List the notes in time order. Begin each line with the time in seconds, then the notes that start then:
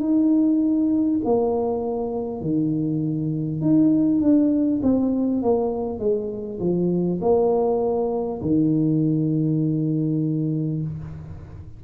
0.00 D#4
1.25 A#3
2.41 D#3
3.62 D#4
4.21 D4
4.83 C4
5.43 A#3
5.99 G#3
6.60 F3
7.21 A#3
8.42 D#3